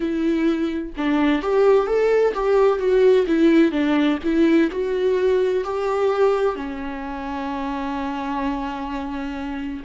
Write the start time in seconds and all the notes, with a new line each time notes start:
0.00 E4
0.97 D4
1.42 G4
1.86 A4
2.34 G4
2.78 F#4
3.26 E4
3.71 D4
4.23 E4
4.71 F#4
5.64 G4
6.55 C#4